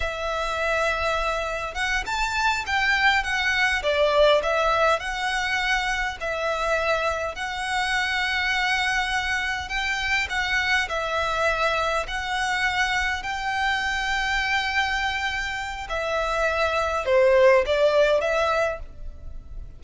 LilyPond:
\new Staff \with { instrumentName = "violin" } { \time 4/4 \tempo 4 = 102 e''2. fis''8 a''8~ | a''8 g''4 fis''4 d''4 e''8~ | e''8 fis''2 e''4.~ | e''8 fis''2.~ fis''8~ |
fis''8 g''4 fis''4 e''4.~ | e''8 fis''2 g''4.~ | g''2. e''4~ | e''4 c''4 d''4 e''4 | }